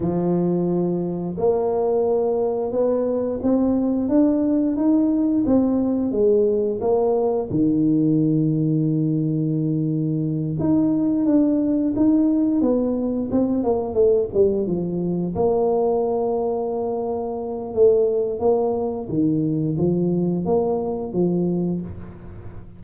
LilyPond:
\new Staff \with { instrumentName = "tuba" } { \time 4/4 \tempo 4 = 88 f2 ais2 | b4 c'4 d'4 dis'4 | c'4 gis4 ais4 dis4~ | dis2.~ dis8 dis'8~ |
dis'8 d'4 dis'4 b4 c'8 | ais8 a8 g8 f4 ais4.~ | ais2 a4 ais4 | dis4 f4 ais4 f4 | }